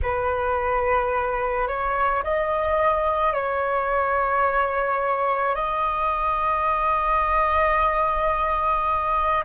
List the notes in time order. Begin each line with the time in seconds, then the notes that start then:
0.02 B4
1.67 C#5
2.23 D#5
3.33 C#5
5.55 D#5